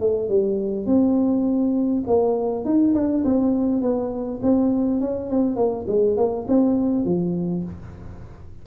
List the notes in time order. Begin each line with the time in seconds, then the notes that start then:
0.00 A3
0.29 G3
0.86 C4
2.07 A#3
2.65 D#4
2.94 D4
3.24 C4
3.82 B3
4.42 C4
5.00 C#4
5.30 C4
5.56 A#3
5.87 G#3
6.17 A#3
6.48 C4
7.05 F3